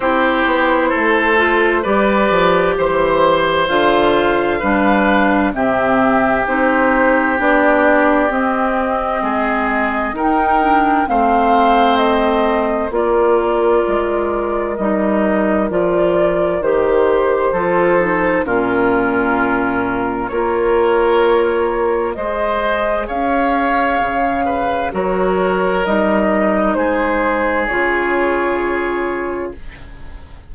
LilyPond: <<
  \new Staff \with { instrumentName = "flute" } { \time 4/4 \tempo 4 = 65 c''2 d''4 c''4 | f''2 e''4 c''4 | d''4 dis''2 g''4 | f''4 dis''4 d''2 |
dis''4 d''4 c''2 | ais'2 cis''2 | dis''4 f''2 cis''4 | dis''4 c''4 cis''2 | }
  \new Staff \with { instrumentName = "oboe" } { \time 4/4 g'4 a'4 b'4 c''4~ | c''4 b'4 g'2~ | g'2 gis'4 ais'4 | c''2 ais'2~ |
ais'2. a'4 | f'2 ais'2 | c''4 cis''4. b'8 ais'4~ | ais'4 gis'2. | }
  \new Staff \with { instrumentName = "clarinet" } { \time 4/4 e'4. f'8 g'2 | f'4 d'4 c'4 dis'4 | d'4 c'2 dis'8 d'8 | c'2 f'2 |
dis'4 f'4 g'4 f'8 dis'8 | cis'2 f'2 | gis'2. fis'4 | dis'2 f'2 | }
  \new Staff \with { instrumentName = "bassoon" } { \time 4/4 c'8 b8 a4 g8 f8 e4 | d4 g4 c4 c'4 | b4 c'4 gis4 dis'4 | a2 ais4 gis4 |
g4 f4 dis4 f4 | ais,2 ais2 | gis4 cis'4 cis4 fis4 | g4 gis4 cis2 | }
>>